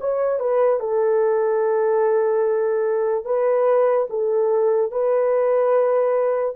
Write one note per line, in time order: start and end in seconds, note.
0.00 0.39 C#5
0.39 0.80 B4
0.80 3.25 A4
3.25 4.07 B4
4.09 4.91 A4
4.91 6.55 B4